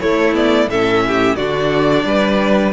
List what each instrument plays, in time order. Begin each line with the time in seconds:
0.00 viola A3, cello A3, violin E4 C#5
0.33 viola B3, violin D5
0.67 cello A2, viola C#4, violin A4 E5
1.07 violin G4
1.36 cello D3, viola D4, violin F#4 D5
2.04 cello G3, violin B4